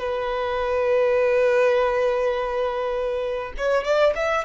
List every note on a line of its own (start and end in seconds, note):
0.00 3.53 B4
3.58 3.84 C#5
3.84 4.14 D5
4.16 4.45 E5